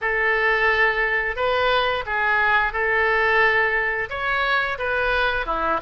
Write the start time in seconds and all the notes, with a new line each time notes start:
0.01 A4
1.36 B4
2.05 G#4
2.72 A4
4.09 C#5
4.78 B4
5.46 E4